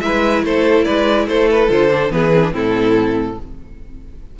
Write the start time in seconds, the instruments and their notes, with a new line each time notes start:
0.00 cello G#3, viola E4, violin B4 E5
0.42 cello A3, violin A4 C5
0.84 cello G#3, violin B4 D5
1.26 cello A3, violin A4 C5
1.50 violin B4
1.69 cello D3, viola F4, violin C5
1.89 viola D4
2.10 cello E3, viola B3, violin G#4 B4
2.33 viola C4
2.42 viola D4
2.51 cello A2, viola C4, violin E4 A4